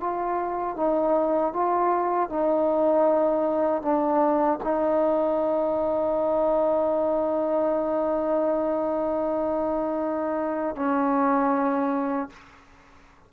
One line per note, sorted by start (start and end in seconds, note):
0.00 0.76 F4
0.76 1.53 D#4
1.53 2.29 F4
2.29 3.81 D#4
3.81 4.59 D4
4.64 10.76 D#4
10.76 12.29 C#4